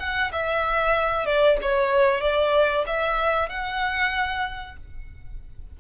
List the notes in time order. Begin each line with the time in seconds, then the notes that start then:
0.00 F#5
0.32 E5
1.26 D5
1.62 C#5
2.21 D5
2.87 E5
3.50 F#5